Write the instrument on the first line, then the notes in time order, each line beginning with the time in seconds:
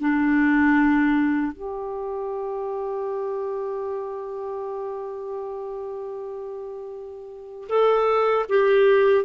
clarinet
0.00 D4
1.52 G4
7.69 A4
8.49 G4